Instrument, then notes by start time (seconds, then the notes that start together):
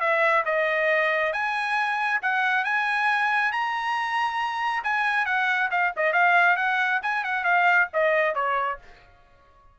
trumpet
0.00 E5
0.45 D#5
1.33 G#5
2.22 F#5
2.64 G#5
3.52 A#5
4.84 G#5
5.26 F#5
5.71 F5
5.97 D#5
6.13 F5
6.57 F#5
7.03 G#5
7.24 F#5
7.44 F5
7.93 D#5
8.35 C#5